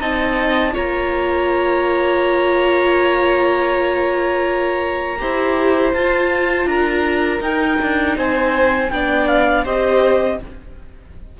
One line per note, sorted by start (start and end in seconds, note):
0.00 0.74 C4
0.00 0.72 D#4
0.00 0.73 D#5
0.00 0.74 A5
0.72 5.21 A#3
0.72 5.17 F4
0.72 5.18 C#5
0.72 5.93 A#5
5.18 5.93 E4
5.18 5.92 G4
5.18 6.68 C5
5.93 6.65 F4
5.93 7.41 F4
5.93 6.67 A5
6.65 7.39 D4
6.65 8.17 A#4
6.65 7.41 A#5
7.40 7.77 D#4
7.40 8.89 D#4
7.40 8.16 G5
7.82 8.17 D4
8.17 8.91 C4
8.17 8.91 C5
8.17 8.90 G#5
8.90 9.65 B3
8.90 9.65 D4
8.90 9.64 D5
8.90 9.27 G5
9.27 9.64 F5
9.64 10.39 C4
9.64 10.39 G4
9.64 10.38 C5
9.64 10.39 D#5